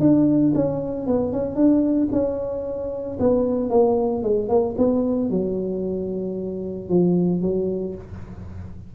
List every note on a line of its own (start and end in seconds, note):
0.00 0.53 D4
0.55 1.06 C#4
1.06 1.32 B3
1.32 1.55 C#4
1.55 2.08 D4
2.12 3.18 C#4
3.19 3.70 B3
3.70 4.22 A#3
4.22 4.48 G#3
4.48 4.75 A#3
4.77 5.30 B3
5.30 6.89 F#3
6.89 7.41 F3
7.41 7.95 F#3